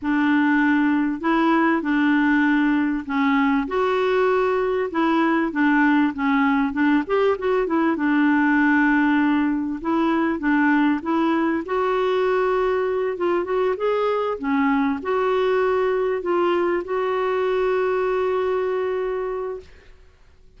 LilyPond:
\new Staff \with { instrumentName = "clarinet" } { \time 4/4 \tempo 4 = 98 d'2 e'4 d'4~ | d'4 cis'4 fis'2 | e'4 d'4 cis'4 d'8 g'8 | fis'8 e'8 d'2. |
e'4 d'4 e'4 fis'4~ | fis'4. f'8 fis'8 gis'4 cis'8~ | cis'8 fis'2 f'4 fis'8~ | fis'1 | }